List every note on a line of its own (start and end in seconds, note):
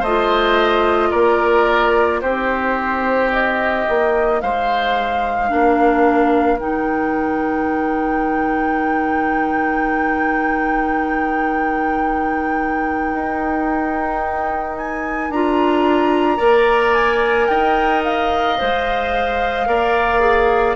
0.00 1.11 A3
0.00 1.09 C5
0.00 1.11 D#5
0.06 2.24 F4
1.11 2.22 A#3
1.11 2.20 A#4
1.11 2.20 D5
2.21 3.86 C4
2.21 5.48 D#4
2.21 4.40 G4
2.21 3.30 C5
3.32 4.41 D#5
3.89 4.42 A#3
4.41 5.51 G#3
4.41 5.50 C5
4.41 6.59 F5
5.48 6.59 A#3
5.48 6.57 D4
5.48 16.37 A#4
6.59 13.13 D#3
6.59 15.32 D#4
6.59 14.77 G5
13.13 15.30 D#4
14.77 15.31 G#5
15.30 16.39 D4
15.30 16.37 F4
15.30 16.94 A#5
16.37 17.48 A#3
16.37 18.56 A#4
16.37 17.46 D5
16.94 17.48 G#5
17.48 18.58 D#4
17.48 19.69 D#5
17.48 18.02 G5
18.04 20.76 F5
18.58 19.67 G#3
18.58 19.66 C5
19.66 20.76 A#3
19.66 20.20 A#4
19.66 20.76 D5
20.20 20.74 G#4